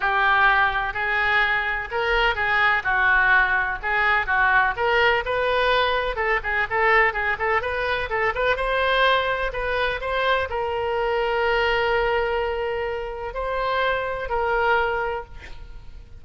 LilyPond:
\new Staff \with { instrumentName = "oboe" } { \time 4/4 \tempo 4 = 126 g'2 gis'2 | ais'4 gis'4 fis'2 | gis'4 fis'4 ais'4 b'4~ | b'4 a'8 gis'8 a'4 gis'8 a'8 |
b'4 a'8 b'8 c''2 | b'4 c''4 ais'2~ | ais'1 | c''2 ais'2 | }